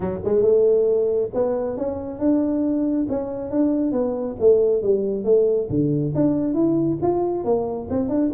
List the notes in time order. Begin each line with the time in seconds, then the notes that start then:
0.00 F#3
0.24 G#3
0.42 A3
1.34 B3
1.77 C#4
2.19 D4
3.09 C#4
3.50 D4
3.92 B3
4.40 A3
4.82 G3
5.24 A3
5.69 D3
6.15 D4
6.54 E4
7.02 F4
7.44 A#3
7.90 C4
8.08 D4